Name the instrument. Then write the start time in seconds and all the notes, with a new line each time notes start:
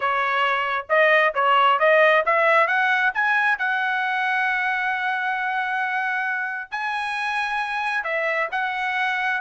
trumpet
0.00 C#5
0.89 D#5
1.34 C#5
1.79 D#5
2.25 E5
2.67 F#5
3.14 G#5
3.58 F#5
6.71 G#5
8.04 E5
8.51 F#5